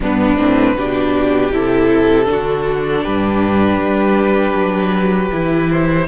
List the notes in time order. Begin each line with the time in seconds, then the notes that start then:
0.00 G2 B3 D4 B4
0.34 A2 C4
0.75 B2 D4 G4
1.51 C3 E4 A4
2.24 D3 D4 F#4
3.03 G2 G4 B4
3.78 G3
4.54 F#3
5.32 E3 E4
5.70 C5